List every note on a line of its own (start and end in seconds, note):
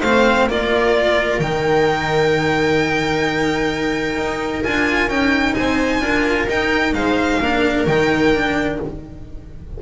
0.00 0.47 A3
0.00 0.50 C4
0.00 0.46 C5
0.00 0.48 F5
0.47 1.40 A#3
0.47 1.42 F4
0.47 5.59 A#4
0.47 1.40 D5
1.40 4.17 D#3
1.40 4.65 D#4
1.40 4.63 G5
4.17 4.63 D#4
4.63 5.09 D4
4.63 5.10 F4
4.63 5.09 G#5
5.09 5.55 C#4
5.09 6.02 D#4
5.09 5.54 G5
5.54 6.01 C4
5.54 6.03 C5
5.54 6.47 G#5
6.01 6.47 D4
6.01 6.48 F4
6.01 6.95 A#4
6.47 6.93 D#4
6.47 7.42 D#4
6.47 6.94 G5
6.93 7.39 G#3
6.93 7.42 C5
6.93 7.86 F5
7.41 7.87 A#3
7.41 7.88 D4
7.41 8.82 A#4
7.87 8.79 D#3
7.87 8.35 D#4
7.87 8.80 G5
8.35 8.81 D4